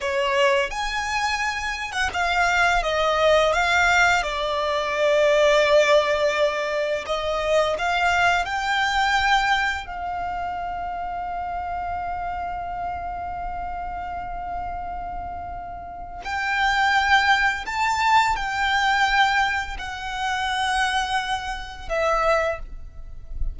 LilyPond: \new Staff \with { instrumentName = "violin" } { \time 4/4 \tempo 4 = 85 cis''4 gis''4.~ gis''16 fis''16 f''4 | dis''4 f''4 d''2~ | d''2 dis''4 f''4 | g''2 f''2~ |
f''1~ | f''2. g''4~ | g''4 a''4 g''2 | fis''2. e''4 | }